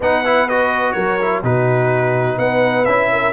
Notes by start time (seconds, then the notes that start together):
0.00 B3 D#4 B4 F#5
0.24 E4
0.49 F#4 D#5
0.92 F#3 A#4 C#5
1.21 E4
1.43 B2 D#4 F#4 B4
2.37 B3 B4 F#5
2.85 C#4 E4 E5
3.12 A#4